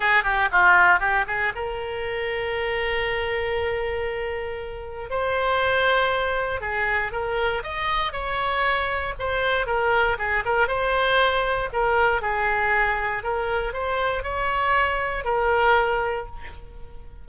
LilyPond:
\new Staff \with { instrumentName = "oboe" } { \time 4/4 \tempo 4 = 118 gis'8 g'8 f'4 g'8 gis'8 ais'4~ | ais'1~ | ais'2 c''2~ | c''4 gis'4 ais'4 dis''4 |
cis''2 c''4 ais'4 | gis'8 ais'8 c''2 ais'4 | gis'2 ais'4 c''4 | cis''2 ais'2 | }